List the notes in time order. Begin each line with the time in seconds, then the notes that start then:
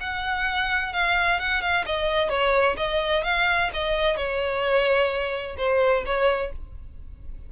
0.00 F#5
0.93 F5
1.39 F#5
1.61 F5
1.86 D#5
2.29 C#5
2.77 D#5
3.24 F5
3.73 D#5
4.16 C#5
5.58 C5
6.06 C#5